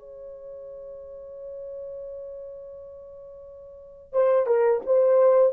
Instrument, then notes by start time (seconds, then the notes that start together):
horn
0.00 C#5
4.13 C5
4.47 A#4
4.87 C5